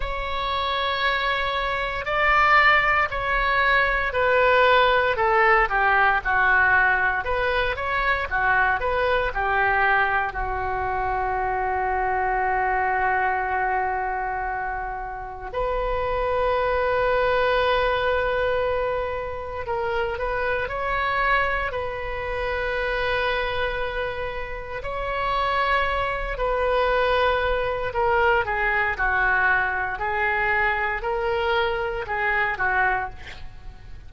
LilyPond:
\new Staff \with { instrumentName = "oboe" } { \time 4/4 \tempo 4 = 58 cis''2 d''4 cis''4 | b'4 a'8 g'8 fis'4 b'8 cis''8 | fis'8 b'8 g'4 fis'2~ | fis'2. b'4~ |
b'2. ais'8 b'8 | cis''4 b'2. | cis''4. b'4. ais'8 gis'8 | fis'4 gis'4 ais'4 gis'8 fis'8 | }